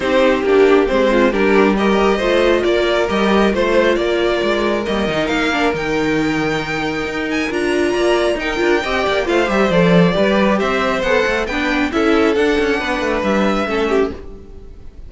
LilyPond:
<<
  \new Staff \with { instrumentName = "violin" } { \time 4/4 \tempo 4 = 136 c''4 g'4 c''4 ais'4 | dis''2 d''4 dis''4 | c''4 d''2 dis''4 | f''4 g''2.~ |
g''8 gis''8 ais''2 g''4~ | g''4 f''8 e''8 d''2 | e''4 fis''4 g''4 e''4 | fis''2 e''2 | }
  \new Staff \with { instrumentName = "violin" } { \time 4/4 g'2~ g'8 f'8 g'4 | ais'4 c''4 ais'2 | c''4 ais'2.~ | ais'1~ |
ais'2 d''4 ais'4 | dis''8 d''8 c''2 b'4 | c''2 b'4 a'4~ | a'4 b'2 a'8 g'8 | }
  \new Staff \with { instrumentName = "viola" } { \time 4/4 dis'4 d'4 c'4 d'4 | g'4 f'2 g'4 | f'2. ais8 dis'8~ | dis'8 d'8 dis'2.~ |
dis'4 f'2 dis'8 f'8 | g'4 f'8 g'8 a'4 g'4~ | g'4 a'4 d'4 e'4 | d'2. cis'4 | }
  \new Staff \with { instrumentName = "cello" } { \time 4/4 c'4 ais4 gis4 g4~ | g4 a4 ais4 g4 | a4 ais4 gis4 g8 dis8 | ais4 dis2. |
dis'4 d'4 ais4 dis'8 d'8 | c'8 ais8 a8 g8 f4 g4 | c'4 b8 a8 b4 cis'4 | d'8 cis'8 b8 a8 g4 a4 | }
>>